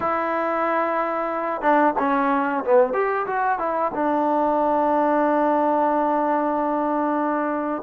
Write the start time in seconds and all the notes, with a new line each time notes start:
0.00 E4
1.61 D4
1.98 C#4
2.64 B3
2.93 G4
3.26 F#4
3.59 E4
3.94 D4